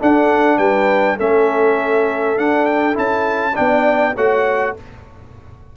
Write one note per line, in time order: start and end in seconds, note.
0.00 1.19 D4
0.00 0.58 D4
0.00 0.58 A4
0.00 0.58 F#5
0.58 1.18 G3
0.58 1.16 B4
0.58 1.17 G5
1.16 2.37 A3
1.16 2.37 C#4
1.16 3.54 A4
1.16 2.38 E5
2.37 2.93 D4
2.37 2.97 D4
2.37 2.66 F#5
2.66 2.95 G5
2.93 3.57 C#4
2.93 3.53 E4
2.93 3.56 A5
3.55 4.17 B3
3.55 4.14 D4
3.55 4.15 D5
3.55 4.15 G5
4.15 4.76 A3
4.15 4.77 F#4
4.15 4.75 C#5
4.15 4.76 F#5